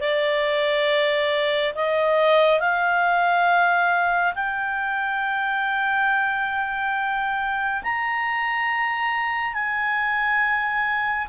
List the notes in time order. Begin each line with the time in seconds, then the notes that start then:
0.00 D5
1.75 D#5
2.60 F5
4.35 G5
7.83 A#5
9.53 G#5